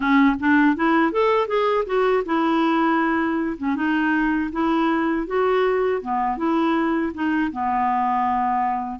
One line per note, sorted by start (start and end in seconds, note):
0.00 0.35 C#4
0.39 0.76 D4
0.76 1.12 E4
1.12 1.47 A4
1.47 1.84 G#4
1.86 2.23 F#4
2.25 3.57 E4
3.57 3.75 C#4
3.75 4.50 D#4
4.51 5.26 E4
5.27 6.01 F#4
6.01 6.37 B3
6.37 7.12 E4
7.14 7.51 D#4
7.52 8.99 B3